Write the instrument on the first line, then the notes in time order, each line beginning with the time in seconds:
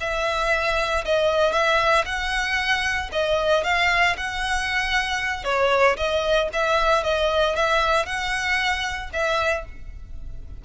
violin
0.00 E5
1.05 D#5
1.52 E5
2.05 F#5
3.12 D#5
3.64 F5
4.17 F#5
5.44 C#5
5.97 D#5
6.53 E5
7.03 D#5
7.56 E5
8.06 F#5
9.13 E5